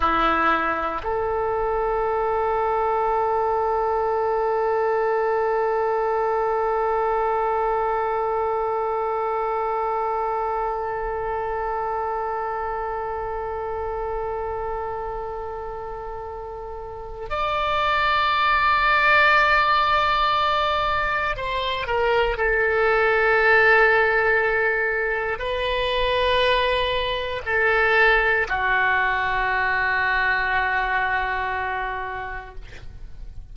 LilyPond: \new Staff \with { instrumentName = "oboe" } { \time 4/4 \tempo 4 = 59 e'4 a'2.~ | a'1~ | a'1~ | a'1~ |
a'4 d''2.~ | d''4 c''8 ais'8 a'2~ | a'4 b'2 a'4 | fis'1 | }